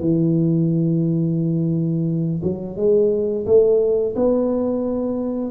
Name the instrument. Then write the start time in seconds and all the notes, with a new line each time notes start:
tuba
0.00 E3
2.43 F#3
2.76 G#3
3.46 A3
4.15 B3